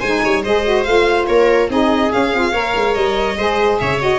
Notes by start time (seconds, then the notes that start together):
0.00 G#3 D#4 C5 G#5
0.25 G3 C#5
0.43 G#3 G#4 C5 D#5
0.65 F#4
0.83 A3 F4 F5
1.27 A#3 A#4 C#5
1.69 C4 D#4 G#4 D#5
2.11 C#4 F5
2.33 C4 F4
2.53 A#3 A#4 C#5
2.76 G#3
2.94 G3 D#5
3.37 G#3 G#4 C5
3.79 C#3 C#5 E5
3.99 F#4 D#5